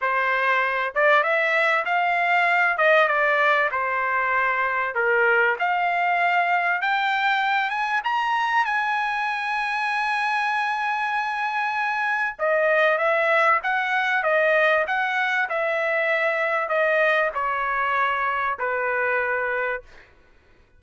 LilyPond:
\new Staff \with { instrumentName = "trumpet" } { \time 4/4 \tempo 4 = 97 c''4. d''8 e''4 f''4~ | f''8 dis''8 d''4 c''2 | ais'4 f''2 g''4~ | g''8 gis''8 ais''4 gis''2~ |
gis''1 | dis''4 e''4 fis''4 dis''4 | fis''4 e''2 dis''4 | cis''2 b'2 | }